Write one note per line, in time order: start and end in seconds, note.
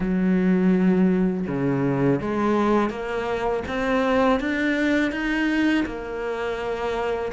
0.00 1.46 F#3
1.47 2.20 C#3
2.21 2.89 G#3
2.89 3.63 A#3
3.68 4.40 C4
4.40 5.11 D4
5.11 5.84 D#4
5.85 7.31 A#3